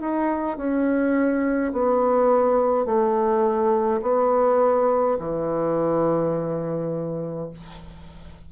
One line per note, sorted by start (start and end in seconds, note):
0.00 0.57 D#4
0.57 1.72 C#4
1.72 2.85 B3
2.85 4.01 A3
4.02 5.17 B3
5.19 7.49 E3